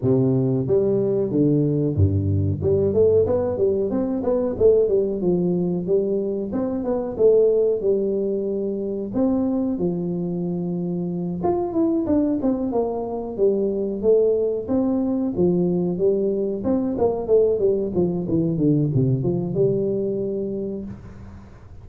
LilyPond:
\new Staff \with { instrumentName = "tuba" } { \time 4/4 \tempo 4 = 92 c4 g4 d4 g,4 | g8 a8 b8 g8 c'8 b8 a8 g8 | f4 g4 c'8 b8 a4 | g2 c'4 f4~ |
f4. f'8 e'8 d'8 c'8 ais8~ | ais8 g4 a4 c'4 f8~ | f8 g4 c'8 ais8 a8 g8 f8 | e8 d8 c8 f8 g2 | }